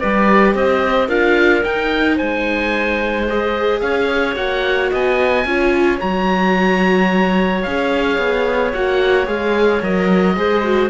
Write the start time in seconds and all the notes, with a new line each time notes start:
0.00 G3 G4 B4 D5
0.54 C4 C5 D#5
1.08 D4 F4 A#4 F5
1.64 D#4 G5
2.15 G#3 C5 G#5
3.27 G#4 D#5
3.80 C#4 C#5 F5
4.35 A#3 F#4 F#5
4.91 B3 D#5 G#5
5.45 C#4 F4 C#5
5.99 F#3 F#4 A#5
7.62 C#4 G#4 F5
8.18 B3
8.73 A#3 F#4 F#5
9.26 G#3 G#4 F5
9.81 F#3 A#4 D#5
10.36 G#3 G#4 C5
10.63 F#4